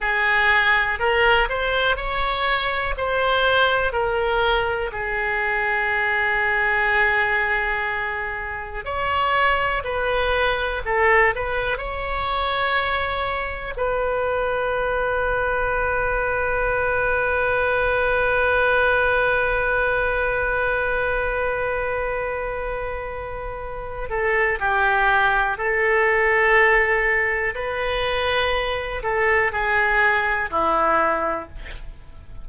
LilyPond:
\new Staff \with { instrumentName = "oboe" } { \time 4/4 \tempo 4 = 61 gis'4 ais'8 c''8 cis''4 c''4 | ais'4 gis'2.~ | gis'4 cis''4 b'4 a'8 b'8 | cis''2 b'2~ |
b'1~ | b'1~ | b'8 a'8 g'4 a'2 | b'4. a'8 gis'4 e'4 | }